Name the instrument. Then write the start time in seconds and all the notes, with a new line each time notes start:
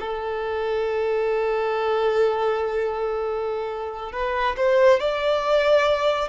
violin
0.00 A4
4.13 B4
4.57 C5
5.00 D5